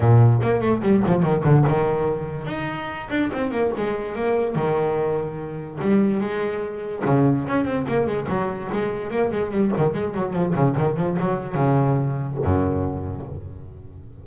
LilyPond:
\new Staff \with { instrumentName = "double bass" } { \time 4/4 \tempo 4 = 145 ais,4 ais8 a8 g8 f8 dis8 d8 | dis2 dis'4. d'8 | c'8 ais8 gis4 ais4 dis4~ | dis2 g4 gis4~ |
gis4 cis4 cis'8 c'8 ais8 gis8 | fis4 gis4 ais8 gis8 g8 dis8 | gis8 fis8 f8 cis8 dis8 f8 fis4 | cis2 fis,2 | }